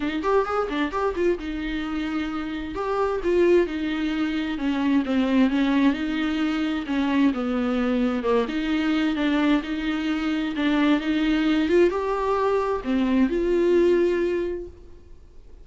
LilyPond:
\new Staff \with { instrumentName = "viola" } { \time 4/4 \tempo 4 = 131 dis'8 g'8 gis'8 d'8 g'8 f'8 dis'4~ | dis'2 g'4 f'4 | dis'2 cis'4 c'4 | cis'4 dis'2 cis'4 |
b2 ais8 dis'4. | d'4 dis'2 d'4 | dis'4. f'8 g'2 | c'4 f'2. | }